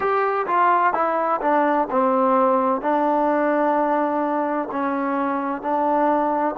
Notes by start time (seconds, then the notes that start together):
0.00 G4
0.46 F4
0.93 E4
1.41 D4
1.90 C4
2.81 D4
4.71 C#4
5.61 D4